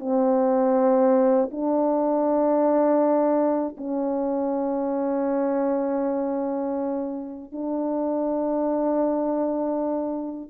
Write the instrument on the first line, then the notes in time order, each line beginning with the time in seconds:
horn
0.00 C4
1.51 D4
3.77 C#4
7.52 D4